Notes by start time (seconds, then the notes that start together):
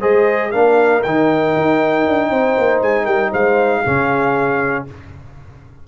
0.00 G#3 G#4 C5 D#5
0.51 A#3 D4 A#4 F5
1.03 D#3 D#4 G5
1.56 D#4
2.08 D4
2.30 C4 C5
2.58 A#3
2.82 G#3 G#5
3.05 G3 A#4 G5
3.31 G#3 C5 F5
3.84 C#3 C#4 G#4